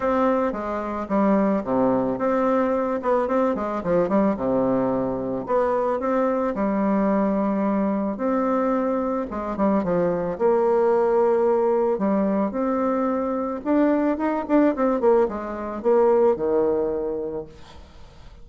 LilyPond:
\new Staff \with { instrumentName = "bassoon" } { \time 4/4 \tempo 4 = 110 c'4 gis4 g4 c4 | c'4. b8 c'8 gis8 f8 g8 | c2 b4 c'4 | g2. c'4~ |
c'4 gis8 g8 f4 ais4~ | ais2 g4 c'4~ | c'4 d'4 dis'8 d'8 c'8 ais8 | gis4 ais4 dis2 | }